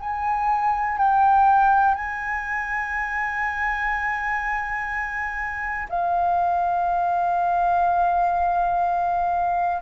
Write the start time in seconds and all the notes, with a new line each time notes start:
0.00 G#5
0.98 G5
1.95 G#5
5.89 F5